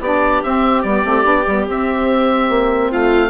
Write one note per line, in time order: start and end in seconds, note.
0.00 0.41 B3
0.00 0.45 D4
0.00 2.91 G4
0.00 0.43 D5
0.43 0.84 C4
0.43 0.86 C4
0.43 0.82 E5
0.82 1.05 G3
0.82 1.06 B3
0.82 1.65 D5
1.05 1.24 A3
1.05 1.23 C4
1.23 1.45 B3
1.23 1.44 D4
1.47 1.67 G3
1.47 1.68 B3
1.67 2.49 C4
1.67 3.29 C4
1.67 2.92 E5
2.49 2.90 A#3
2.91 3.29 A3
2.91 3.29 F4
2.91 3.29 F5